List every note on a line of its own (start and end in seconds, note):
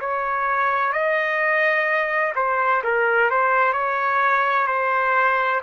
0.00 0.92 C#5
0.92 2.33 D#5
2.35 2.82 C5
2.84 3.30 A#4
3.30 3.72 C5
3.72 4.66 C#5
4.67 5.60 C5